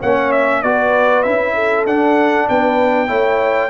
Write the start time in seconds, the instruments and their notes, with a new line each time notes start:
0.00 tuba A#3, trombone C#4, horn C#5, trumpet F#5
0.32 trumpet E5
0.63 tuba B3, trombone F#4, horn B4, trumpet D5
1.23 tuba C#4, trombone E4, trumpet E5
1.55 horn A4
1.86 tuba D4, trombone D4, trumpet F#5
2.49 tuba B3, horn B4, trumpet G5
3.08 tuba A3, trombone E4, horn C#5